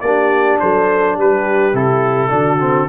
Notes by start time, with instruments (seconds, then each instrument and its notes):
0.00 tuba A#3, trombone D4, horn G4, trumpet D5
0.59 tuba F#3, horn A4, trumpet C5
1.15 tuba G3, horn G4, trumpet B4
1.73 tuba C3, trombone E4, trumpet A4
2.29 tuba D3, trombone D4, horn F#4
2.60 trombone C4